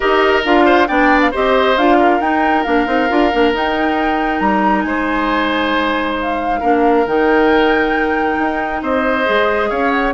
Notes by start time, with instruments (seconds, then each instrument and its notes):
0.00 bassoon D#4, clarinet G4, oboe A#4, flute D#5
0.44 bassoon D4, clarinet F4, flute F5
0.65 oboe C5
0.87 bassoon B3, clarinet D4, oboe D5, flute G5
1.21 flute F5
1.31 bassoon C4, clarinet G4, oboe C5, flute D#5
1.77 bassoon D4, clarinet F4, flute F5
1.99 oboe A#4
2.20 bassoon D#4, clarinet D#4, flute G5
2.63 bassoon A#3, clarinet D4, flute F5
2.85 bassoon C4, clarinet D#4
3.09 bassoon D4, clarinet F4
3.32 bassoon A#3, clarinet D4
3.53 bassoon D#4, clarinet D#4, flute G5
4.39 bassoon G3, flute A#5
4.81 bassoon G#3, oboe C5, flute G#5
6.21 flute F5
6.60 bassoon A#3, clarinet D4, oboe A#4
7.06 bassoon D#3, clarinet D#4, flute G5
8.38 bassoon D#4
8.82 bassoon C4, oboe C5, flute D#5
9.25 bassoon G#3, clarinet G#4
9.69 bassoon C#4, oboe C#5, flute F5
9.90 flute F#5